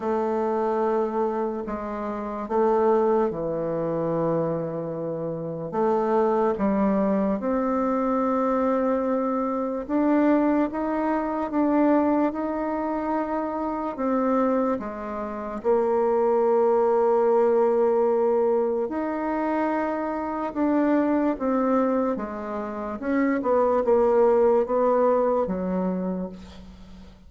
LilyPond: \new Staff \with { instrumentName = "bassoon" } { \time 4/4 \tempo 4 = 73 a2 gis4 a4 | e2. a4 | g4 c'2. | d'4 dis'4 d'4 dis'4~ |
dis'4 c'4 gis4 ais4~ | ais2. dis'4~ | dis'4 d'4 c'4 gis4 | cis'8 b8 ais4 b4 fis4 | }